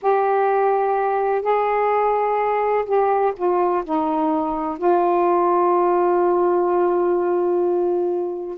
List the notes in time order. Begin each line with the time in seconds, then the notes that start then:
0.02 G4
1.42 G#4
2.85 G4
3.36 F4
3.84 D#4
4.78 F4